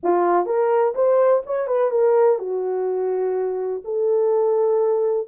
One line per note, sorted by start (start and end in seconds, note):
0.03 0.46 F4
0.46 0.94 A#4
0.94 1.42 C5
1.46 1.67 C#5
1.67 1.90 B4
1.90 2.38 A#4
2.38 3.82 F#4
3.84 5.27 A4